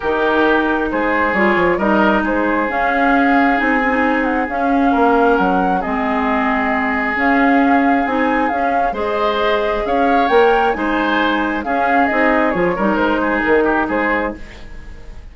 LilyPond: <<
  \new Staff \with { instrumentName = "flute" } { \time 4/4 \tempo 4 = 134 ais'2 c''4 cis''4 | dis''4 c''4 f''2 | gis''4. fis''8 f''2 | fis''4 dis''2. |
f''2 gis''4 f''4 | dis''2 f''4 g''4 | gis''2 f''4 dis''4 | cis''4 c''4 ais'4 c''4 | }
  \new Staff \with { instrumentName = "oboe" } { \time 4/4 g'2 gis'2 | ais'4 gis'2.~ | gis'2. ais'4~ | ais'4 gis'2.~ |
gis'1 | c''2 cis''2 | c''2 gis'2~ | gis'8 ais'4 gis'4 g'8 gis'4 | }
  \new Staff \with { instrumentName = "clarinet" } { \time 4/4 dis'2. f'4 | dis'2 cis'2 | dis'8 cis'16 dis'4~ dis'16 cis'2~ | cis'4 c'2. |
cis'2 dis'4 cis'4 | gis'2. ais'4 | dis'2 cis'4 dis'4 | f'8 dis'2.~ dis'8 | }
  \new Staff \with { instrumentName = "bassoon" } { \time 4/4 dis2 gis4 g8 f8 | g4 gis4 cis'2 | c'2 cis'4 ais4 | fis4 gis2. |
cis'2 c'4 cis'4 | gis2 cis'4 ais4 | gis2 cis'4 c'4 | f8 g8 gis4 dis4 gis4 | }
>>